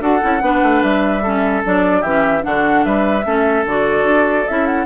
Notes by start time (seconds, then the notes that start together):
0.00 D4 F#4 A4 F#5
0.21 C#4 E4
0.41 B3 D4 B4
0.62 A3
0.82 G3 E5
1.23 C#4 A4
1.64 F#3 D4 D5
2.00 E3 C#4 G4 E5
2.41 D3 D4 F#4 F#5
2.84 G3 B4 E5
3.25 A3 C#4 A4
3.65 D3 F#4 D5
4.03 D4
4.47 C#4 E4 E5
4.66 F#5